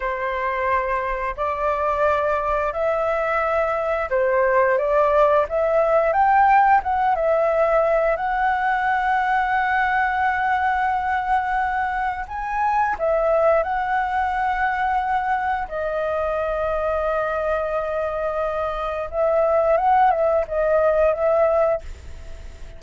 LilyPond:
\new Staff \with { instrumentName = "flute" } { \time 4/4 \tempo 4 = 88 c''2 d''2 | e''2 c''4 d''4 | e''4 g''4 fis''8 e''4. | fis''1~ |
fis''2 gis''4 e''4 | fis''2. dis''4~ | dis''1 | e''4 fis''8 e''8 dis''4 e''4 | }